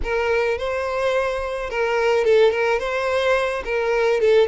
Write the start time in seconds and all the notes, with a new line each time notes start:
0.03 A#4
0.58 C5
1.70 A#4
2.24 A4
2.51 A#4
2.79 C5
3.64 A#4
4.20 A4